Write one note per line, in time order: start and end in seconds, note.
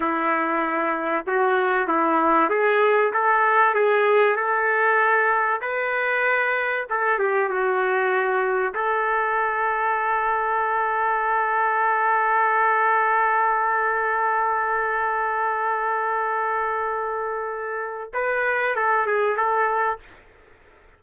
0.00 1.25 E4
1.26 1.87 F#4
1.87 2.49 E4
2.49 3.12 G#4
3.13 3.74 A4
3.74 4.36 G#4
4.36 5.61 A4
5.61 6.86 B4
6.89 7.18 A4
7.18 7.49 G4
7.49 8.74 F#4
8.74 18.12 A4
18.13 18.75 B4
18.75 19.06 A4
19.06 19.36 G#4
19.36 19.99 A4